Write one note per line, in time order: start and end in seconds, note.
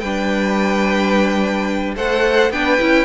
0.00 1.95 G3
0.00 1.96 D4
0.00 1.95 B4
0.00 1.94 G5
1.95 2.51 A3
1.95 2.52 A4
1.95 2.52 C5
1.95 2.52 F#5
2.51 2.78 B3
2.51 2.79 D4
2.51 3.05 B4
2.51 3.05 G5
2.79 3.05 C#4
2.79 3.05 E4